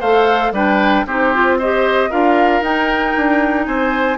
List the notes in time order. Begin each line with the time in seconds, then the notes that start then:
0.00 A3 A4 C5 F5
0.52 G3 D4 B4 G5
1.06 C4 D#4 G4 C5
1.34 F4
1.58 G4 C5 D#5
2.10 D4 F4 A#4 F5
2.61 D#4 G5
3.17 D4
3.65 C4 C5 G#5